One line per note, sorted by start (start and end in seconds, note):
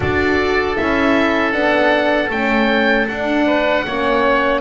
0.00 0.77 D4
0.00 0.75 F#4
0.00 3.45 A4
0.00 0.76 D5
0.75 1.52 C#4
0.75 1.52 E4
0.75 1.52 E5
1.52 2.29 B3
1.52 2.29 D4
1.52 2.29 F#5
2.29 3.06 A3
2.29 3.08 C#4
2.29 3.07 G5
3.07 3.85 D4
3.07 4.61 F#5
3.46 3.85 B4
3.85 4.61 A#3
3.85 4.61 C#4
3.85 4.61 C#5